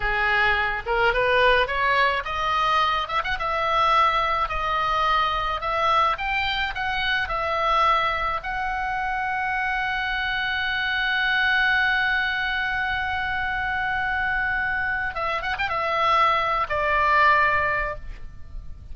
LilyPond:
\new Staff \with { instrumentName = "oboe" } { \time 4/4 \tempo 4 = 107 gis'4. ais'8 b'4 cis''4 | dis''4. e''16 fis''16 e''2 | dis''2 e''4 g''4 | fis''4 e''2 fis''4~ |
fis''1~ | fis''1~ | fis''2. e''8 fis''16 g''16 | e''4.~ e''16 d''2~ d''16 | }